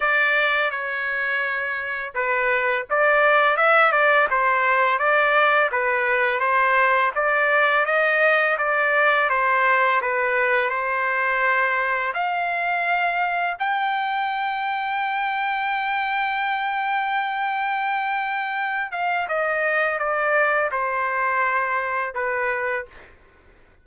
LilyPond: \new Staff \with { instrumentName = "trumpet" } { \time 4/4 \tempo 4 = 84 d''4 cis''2 b'4 | d''4 e''8 d''8 c''4 d''4 | b'4 c''4 d''4 dis''4 | d''4 c''4 b'4 c''4~ |
c''4 f''2 g''4~ | g''1~ | g''2~ g''8 f''8 dis''4 | d''4 c''2 b'4 | }